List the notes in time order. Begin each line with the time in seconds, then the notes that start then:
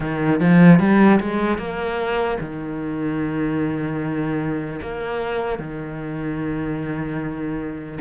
0.00 D#3
0.40 F3
0.79 G3
1.20 G#3
1.57 A#3
2.40 D#3
4.81 A#3
5.59 D#3